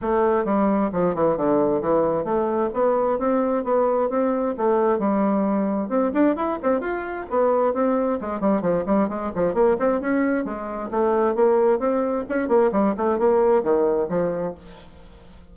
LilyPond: \new Staff \with { instrumentName = "bassoon" } { \time 4/4 \tempo 4 = 132 a4 g4 f8 e8 d4 | e4 a4 b4 c'4 | b4 c'4 a4 g4~ | g4 c'8 d'8 e'8 c'8 f'4 |
b4 c'4 gis8 g8 f8 g8 | gis8 f8 ais8 c'8 cis'4 gis4 | a4 ais4 c'4 cis'8 ais8 | g8 a8 ais4 dis4 f4 | }